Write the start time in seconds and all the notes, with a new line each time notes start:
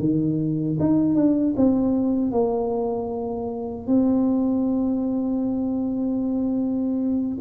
0.00 D#3
0.80 D#4
1.16 D4
1.57 C4
2.32 A#3
3.87 C4